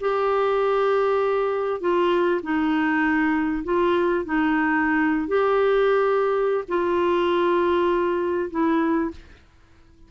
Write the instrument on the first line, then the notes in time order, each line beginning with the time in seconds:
clarinet
0.00 G4
1.80 F4
2.43 D#4
3.64 F4
4.25 D#4
5.28 G4
6.68 F4
8.51 E4